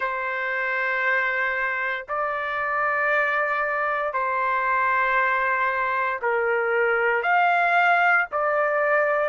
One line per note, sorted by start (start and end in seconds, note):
0.00 2.05 C5
2.08 4.13 D5
4.13 6.20 C5
6.22 7.22 A#4
7.22 8.26 F5
8.31 9.29 D5